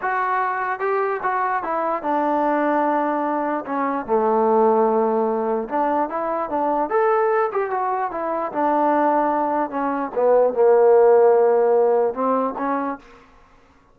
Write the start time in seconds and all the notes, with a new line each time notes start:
0.01 F#4
0.79 G4
1.23 F#4
1.63 E4
2.02 D4
3.65 C#4
4.06 A3
5.68 D4
6.09 E4
6.49 D4
6.89 A4
7.51 G4
7.70 F#4
8.11 E4
8.52 D4
9.70 C#4
10.14 B3
10.53 A#3
12.14 C4
12.58 C#4